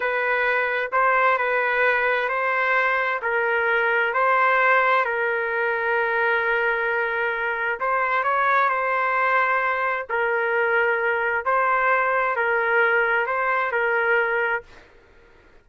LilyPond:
\new Staff \with { instrumentName = "trumpet" } { \time 4/4 \tempo 4 = 131 b'2 c''4 b'4~ | b'4 c''2 ais'4~ | ais'4 c''2 ais'4~ | ais'1~ |
ais'4 c''4 cis''4 c''4~ | c''2 ais'2~ | ais'4 c''2 ais'4~ | ais'4 c''4 ais'2 | }